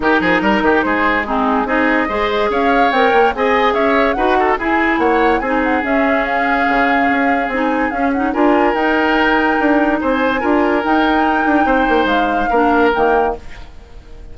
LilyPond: <<
  \new Staff \with { instrumentName = "flute" } { \time 4/4 \tempo 4 = 144 ais'2 c''4 gis'4 | dis''2 f''4 g''4 | gis''4 e''4 fis''4 gis''4 | fis''4 gis''8 fis''8 e''4 f''4~ |
f''2 gis''4 f''8 fis''8 | gis''4 g''2. | gis''2 g''2~ | g''4 f''2 g''4 | }
  \new Staff \with { instrumentName = "oboe" } { \time 4/4 g'8 gis'8 ais'8 g'8 gis'4 dis'4 | gis'4 c''4 cis''2 | dis''4 cis''4 b'8 a'8 gis'4 | cis''4 gis'2.~ |
gis'1 | ais'1 | c''4 ais'2. | c''2 ais'2 | }
  \new Staff \with { instrumentName = "clarinet" } { \time 4/4 dis'2. c'4 | dis'4 gis'2 ais'4 | gis'2 fis'4 e'4~ | e'4 dis'4 cis'2~ |
cis'2 dis'4 cis'8 dis'8 | f'4 dis'2.~ | dis'4 f'4 dis'2~ | dis'2 d'4 ais4 | }
  \new Staff \with { instrumentName = "bassoon" } { \time 4/4 dis8 f8 g8 dis8 gis2 | c'4 gis4 cis'4 c'8 ais8 | c'4 cis'4 dis'4 e'4 | ais4 c'4 cis'2 |
cis4 cis'4 c'4 cis'4 | d'4 dis'2 d'4 | c'4 d'4 dis'4. d'8 | c'8 ais8 gis4 ais4 dis4 | }
>>